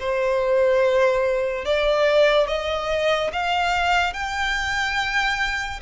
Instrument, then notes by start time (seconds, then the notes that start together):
violin
0.00 C5
1.65 D5
2.48 D#5
3.33 F5
4.14 G5